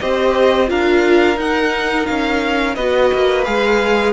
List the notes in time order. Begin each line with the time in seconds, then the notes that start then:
0.00 C4 G4 C5 D#5
0.67 D4 F4 A#4 F5
1.35 D#4 F#5
2.06 C#4 F5
2.75 B3 F#4 B4 D#5
3.13 A#3
3.44 G#3 G#4 F5